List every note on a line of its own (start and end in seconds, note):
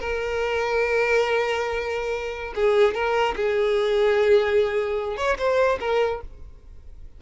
0.00 2.53 A#4
2.55 2.94 G#4
2.94 3.35 A#4
3.36 5.17 G#4
5.17 5.37 C#5
5.38 5.79 C5
5.80 6.20 A#4